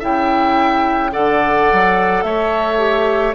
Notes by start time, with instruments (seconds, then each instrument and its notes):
0.00 bassoon C#3, clarinet E4, oboe E5, flute G5
1.12 bassoon D3, clarinet A4, oboe D5, flute F#5
1.73 bassoon F#3
2.23 bassoon A3, oboe C#5, flute E5
2.78 clarinet G4